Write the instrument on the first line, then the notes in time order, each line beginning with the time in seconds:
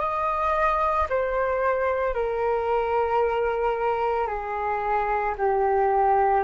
flute
0.00 D#5
1.10 C5
2.14 A#4
4.27 G#4
5.38 G4